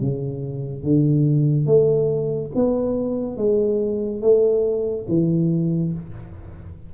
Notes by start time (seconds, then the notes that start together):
0.00 C#3
0.83 D3
1.66 A3
2.55 B3
3.37 G#3
4.21 A3
5.08 E3